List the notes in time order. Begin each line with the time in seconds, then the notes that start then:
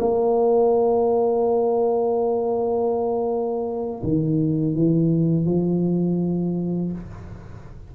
0.00 A#3
4.03 D#3
4.75 E3
5.46 F3